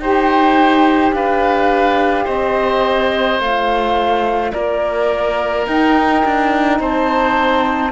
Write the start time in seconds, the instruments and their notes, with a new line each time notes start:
0.00 cello D#4, saxophone G4, oboe C5, flute G5
1.12 cello D4, oboe B4, flute F5
2.25 cello C4, oboe C5, flute D#5
3.39 cello A3, saxophone F4, flute F5
4.53 cello A#3, oboe A#4, flute D5
5.65 saxophone D#4, cello D#4, flute G5
6.25 cello D4
6.80 cello C4, oboe C5, flute A5